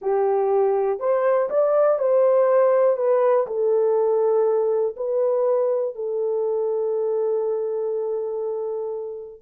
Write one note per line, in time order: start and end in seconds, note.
0.01 0.99 G4
0.99 1.49 C5
1.49 1.99 D5
1.99 2.97 C5
2.97 3.46 B4
3.46 4.95 A4
4.96 5.95 B4
5.95 9.41 A4